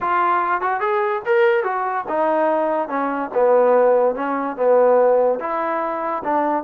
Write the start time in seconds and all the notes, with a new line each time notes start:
0.00 F4
0.61 F#4
0.80 G#4
1.25 A#4
1.63 F#4
2.08 D#4
2.88 C#4
3.34 B3
4.15 C#4
4.56 B3
5.39 E4
6.24 D4